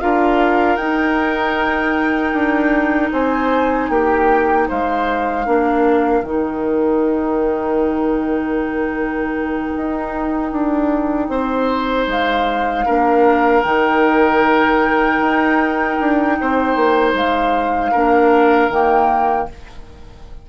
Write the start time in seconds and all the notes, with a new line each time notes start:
0.00 D4 F4 A#4 F5
0.76 D#4 G5
2.33 D4
3.11 C4 C5 G#5
3.89 A#3 G4 G5
4.68 G#3 C5 F5
5.45 A#3 D4 A#4
6.21 D#3 D#4 G5
9.76 D#4
10.51 D4
11.29 C4 C5
12.07 G#3 F5
12.85 A#3 D4 A#4
13.62 D#3 D#4 G5
15.20 D#4
16.00 D4
16.40 C4 C5
16.75 A#3
17.14 G#3 F5
17.91 A#3 D4 A#4
18.69 D#3 A#3 G5